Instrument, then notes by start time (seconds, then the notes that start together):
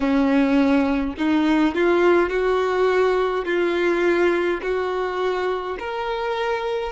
violin
0.00 C#4
1.17 D#4
1.75 F4
2.29 F#4
3.45 F4
4.62 F#4
5.78 A#4